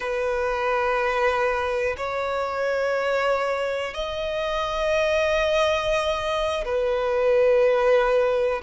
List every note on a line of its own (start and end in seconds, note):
0.00 1.95 B4
1.97 3.93 C#5
3.93 6.64 D#5
6.64 8.61 B4